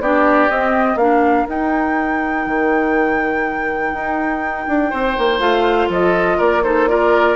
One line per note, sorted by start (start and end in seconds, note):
0.00 0.49 B3
0.00 0.49 D4
0.00 0.98 G4
0.00 0.49 D5
0.49 0.96 C4
0.49 0.99 C4
0.49 0.98 D#5
0.96 1.45 A#3
0.96 1.48 D4
0.96 4.90 A#4
0.96 1.47 F5
1.48 5.40 D#4
1.48 2.46 D#4
1.48 5.40 G5
2.46 3.93 D#3
3.93 4.67 D#4
4.68 4.92 D4
4.90 5.18 C4
4.90 5.88 C5
5.18 5.40 A#3
5.40 5.89 A3
5.40 6.63 F4
5.40 5.89 F5
5.89 6.38 F3
5.89 6.38 A4
5.89 6.40 D#5
6.38 7.36 A#3
6.38 6.62 A#4
6.38 6.63 D5
6.63 6.88 D#4
6.63 6.89 A4
6.63 6.88 C5
6.88 7.36 F4
6.88 7.36 A#4
6.88 7.36 D5